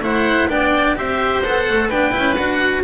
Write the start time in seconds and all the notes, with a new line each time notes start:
0.00 A3 E4 C5 F#5
0.48 B3 D4 D5 G5
0.96 C4 G4 C5 E5
1.42 B3 A4 F#5
1.69 A3
1.88 B3 D4 B4 G5
2.11 C#4 E4
2.35 D4 F#4 F#5